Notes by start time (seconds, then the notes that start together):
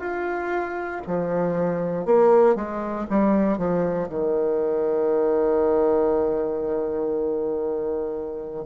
0.00 F4
1.07 F3
2.06 A#3
2.56 G#3
3.10 G3
3.58 F3
4.10 D#3